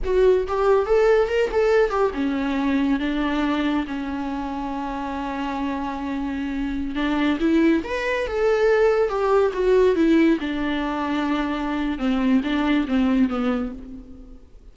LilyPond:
\new Staff \with { instrumentName = "viola" } { \time 4/4 \tempo 4 = 140 fis'4 g'4 a'4 ais'8 a'8~ | a'8 g'8 cis'2 d'4~ | d'4 cis'2.~ | cis'1~ |
cis'16 d'4 e'4 b'4 a'8.~ | a'4~ a'16 g'4 fis'4 e'8.~ | e'16 d'2.~ d'8. | c'4 d'4 c'4 b4 | }